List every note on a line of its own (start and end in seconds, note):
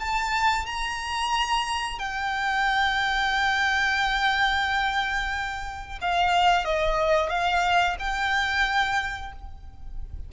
0.00 0.66 A5
0.66 1.99 A#5
1.99 5.99 G5
6.01 6.65 F5
6.65 7.30 D#5
7.30 7.97 F5
7.99 9.33 G5